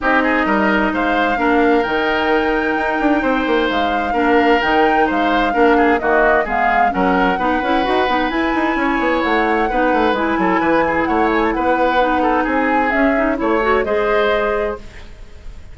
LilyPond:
<<
  \new Staff \with { instrumentName = "flute" } { \time 4/4 \tempo 4 = 130 dis''2 f''2 | g''1 | f''2 g''4 f''4~ | f''4 dis''4 f''4 fis''4~ |
fis''2 gis''2 | fis''2 gis''2 | fis''8 gis''16 a''16 fis''2 gis''4 | e''4 cis''4 dis''2 | }
  \new Staff \with { instrumentName = "oboe" } { \time 4/4 g'8 gis'8 ais'4 c''4 ais'4~ | ais'2. c''4~ | c''4 ais'2 c''4 | ais'8 gis'8 fis'4 gis'4 ais'4 |
b'2. cis''4~ | cis''4 b'4. a'8 b'8 gis'8 | cis''4 b'4. a'8 gis'4~ | gis'4 cis''4 c''2 | }
  \new Staff \with { instrumentName = "clarinet" } { \time 4/4 dis'2. d'4 | dis'1~ | dis'4 d'4 dis'2 | d'4 ais4 b4 cis'4 |
dis'8 e'8 fis'8 dis'8 e'2~ | e'4 dis'4 e'2~ | e'2 dis'2 | cis'8 dis'8 e'8 fis'8 gis'2 | }
  \new Staff \with { instrumentName = "bassoon" } { \time 4/4 c'4 g4 gis4 ais4 | dis2 dis'8 d'8 c'8 ais8 | gis4 ais4 dis4 gis4 | ais4 dis4 gis4 fis4 |
b8 cis'8 dis'8 b8 e'8 dis'8 cis'8 b8 | a4 b8 a8 gis8 fis8 e4 | a4 b2 c'4 | cis'4 a4 gis2 | }
>>